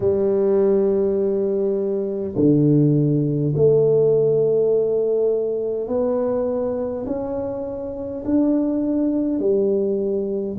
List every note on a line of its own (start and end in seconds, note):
0.00 2.35 G3
2.35 3.53 D3
3.55 5.87 A3
5.87 7.05 B3
7.06 8.24 C#4
8.25 9.39 D4
9.39 10.57 G3